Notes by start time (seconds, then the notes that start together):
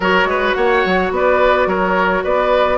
0.00 F#3 F#4 A#4 C#5
0.25 G#3 B4
0.54 A#3 C#5 F#5
0.85 F#3
1.11 B3 B4 D5
1.66 F#3 A#4 C#5
2.23 B3 B4 D5